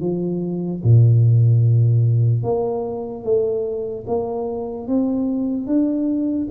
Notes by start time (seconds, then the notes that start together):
0.00 F3
0.83 A#2
2.43 A#3
3.23 A3
4.07 A#3
4.87 C4
5.66 D4